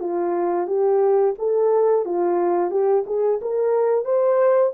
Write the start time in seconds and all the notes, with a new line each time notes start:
0.00 F4
0.67 G4
1.39 A4
2.06 F4
2.71 G4
3.06 G#4
3.42 A#4
4.05 C5